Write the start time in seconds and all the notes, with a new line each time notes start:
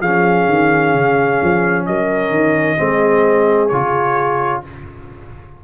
0.00 F3 C#4 G#4 F5
0.48 D#3
0.93 C#3
1.42 F3
1.86 F#3 A#4 D#5
2.30 D#3
2.77 G#3 C4 G#4
3.68 C#3 F4 C#5